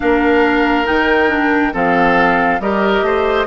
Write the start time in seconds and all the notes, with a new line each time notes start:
0.00 A#3 D4 A#4 F5
0.85 D#3 D#4 G5
1.28 D4
1.73 F3 C4 A4 F5
2.60 G3 G4 A#4 D#5
3.02 A3 C5